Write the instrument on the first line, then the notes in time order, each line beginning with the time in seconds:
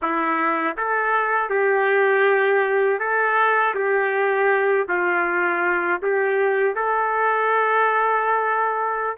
trumpet
0.02 E4
0.77 A4
1.49 G4
2.99 A4
3.74 G4
4.88 F4
6.02 G4
6.75 A4